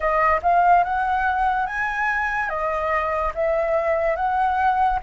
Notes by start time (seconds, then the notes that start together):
0.00 D#5
0.42 F5
0.84 F#5
1.66 G#5
2.49 D#5
3.34 E5
4.16 F#5